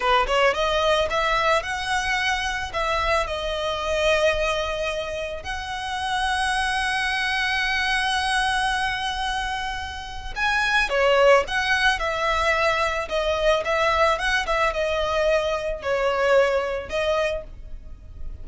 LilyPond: \new Staff \with { instrumentName = "violin" } { \time 4/4 \tempo 4 = 110 b'8 cis''8 dis''4 e''4 fis''4~ | fis''4 e''4 dis''2~ | dis''2 fis''2~ | fis''1~ |
fis''2. gis''4 | cis''4 fis''4 e''2 | dis''4 e''4 fis''8 e''8 dis''4~ | dis''4 cis''2 dis''4 | }